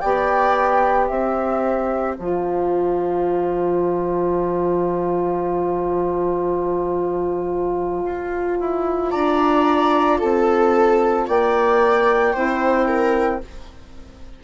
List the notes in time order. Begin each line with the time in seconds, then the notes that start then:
0.00 B3 G4 D5 G5
1.07 C4 C5 E5
2.14 F3 F4 A5
8.04 F4
8.60 E4
9.11 D4 D5 A#5
10.18 C4 A4 A5
11.27 A#3 D5 G5
12.33 C4 E4 C5
12.87 A#4